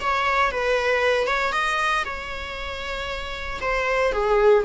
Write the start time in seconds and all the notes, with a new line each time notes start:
0.00 C#5
0.51 B4
1.27 C#5
1.52 D#5
2.04 C#5
3.61 C5
4.12 G#4